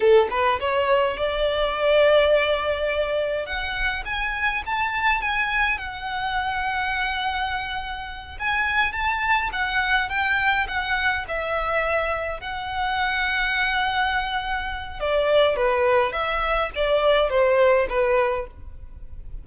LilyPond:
\new Staff \with { instrumentName = "violin" } { \time 4/4 \tempo 4 = 104 a'8 b'8 cis''4 d''2~ | d''2 fis''4 gis''4 | a''4 gis''4 fis''2~ | fis''2~ fis''8 gis''4 a''8~ |
a''8 fis''4 g''4 fis''4 e''8~ | e''4. fis''2~ fis''8~ | fis''2 d''4 b'4 | e''4 d''4 c''4 b'4 | }